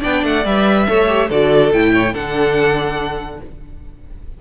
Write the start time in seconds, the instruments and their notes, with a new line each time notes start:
0.00 cello B3, viola D4, violin D5 G5
0.24 cello A3, violin F#5
0.45 cello G3, viola B4, violin E5
0.87 cello A3, viola A4, violin C#5
1.07 viola G4
1.29 cello D3, viola F#4, violin A4 D5
1.73 cello A2, viola E4, violin G5
1.93 violin C#5
2.13 cello D3, viola D4, violin A4 F#5